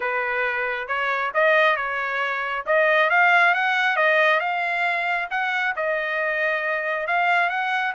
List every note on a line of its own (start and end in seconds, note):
0.00 0.87 B4
0.87 1.31 C#5
1.34 1.76 D#5
1.76 2.64 C#5
2.66 3.10 D#5
3.10 3.54 F5
3.54 3.96 F#5
3.96 4.40 D#5
4.40 5.28 F5
5.30 5.74 F#5
5.76 7.07 D#5
7.07 7.49 F5
7.49 7.93 F#5